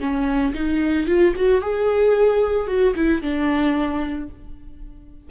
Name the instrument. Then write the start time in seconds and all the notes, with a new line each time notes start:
viola
0.00 C#4
0.54 D#4
1.07 F4
1.36 F#4
1.61 G#4
2.67 F#4
2.96 E4
3.22 D4